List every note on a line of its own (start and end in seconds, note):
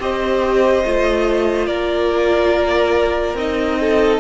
0.00 0.85 C4
0.00 0.85 G4
0.00 1.68 C5
0.00 1.67 D#5
0.85 1.68 A3
0.85 3.38 F4
1.67 3.35 A#3
1.67 3.80 A#4
1.67 3.36 D5
3.35 4.19 C4
3.35 4.21 D#4
3.35 4.21 D#5
3.81 4.21 A4